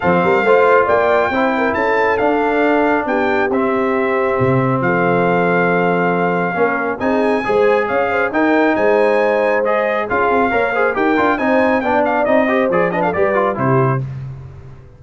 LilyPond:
<<
  \new Staff \with { instrumentName = "trumpet" } { \time 4/4 \tempo 4 = 137 f''2 g''2 | a''4 f''2 g''4 | e''2. f''4~ | f''1 |
gis''2 f''4 g''4 | gis''2 dis''4 f''4~ | f''4 g''4 gis''4 g''8 f''8 | dis''4 d''8 dis''16 f''16 d''4 c''4 | }
  \new Staff \with { instrumentName = "horn" } { \time 4/4 a'8 ais'8 c''4 d''4 c''8 ais'8 | a'2. g'4~ | g'2. a'4~ | a'2. ais'4 |
gis'4 c''4 cis''8 c''8 ais'4 | c''2. gis'4 | cis''8 c''8 ais'4 c''4 d''4~ | d''8 c''4 b'16 a'16 b'4 g'4 | }
  \new Staff \with { instrumentName = "trombone" } { \time 4/4 c'4 f'2 e'4~ | e'4 d'2. | c'1~ | c'2. cis'4 |
dis'4 gis'2 dis'4~ | dis'2 gis'4 f'4 | ais'8 gis'8 g'8 f'8 dis'4 d'4 | dis'8 g'8 gis'8 d'8 g'8 f'8 e'4 | }
  \new Staff \with { instrumentName = "tuba" } { \time 4/4 f8 g8 a4 ais4 c'4 | cis'4 d'2 b4 | c'2 c4 f4~ | f2. ais4 |
c'4 gis4 cis'4 dis'4 | gis2. cis'8 c'8 | ais4 dis'8 d'8 c'4 b4 | c'4 f4 g4 c4 | }
>>